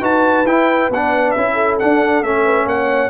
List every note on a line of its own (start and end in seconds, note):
0.00 0.45 D#4
0.00 0.45 F#4
0.00 1.53 B4
0.00 0.46 A5
0.45 0.89 E4
0.45 0.91 E4
0.45 0.90 G5
0.89 1.34 B3
0.89 1.37 D4
0.89 1.31 F#5
1.31 1.80 C#4
1.31 1.75 E5
1.37 1.80 E4
1.53 2.41 A4
1.79 2.24 D4
1.79 2.22 D4
1.79 2.23 F#5
2.22 2.66 A3
2.22 3.10 C#4
2.22 2.67 E5
2.44 2.66 B4
2.66 3.10 A#3
2.66 3.10 C#5
2.66 3.10 F#5